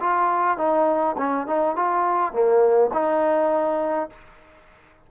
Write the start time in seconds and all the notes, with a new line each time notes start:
0.00 F4
0.57 D#4
1.17 C#4
1.46 D#4
1.76 F4
2.32 A#3
2.93 D#4